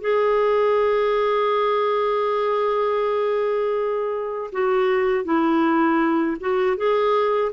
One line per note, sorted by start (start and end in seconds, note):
0.00 4.50 G#4
4.52 5.24 F#4
5.24 6.37 E4
6.40 6.76 F#4
6.76 7.51 G#4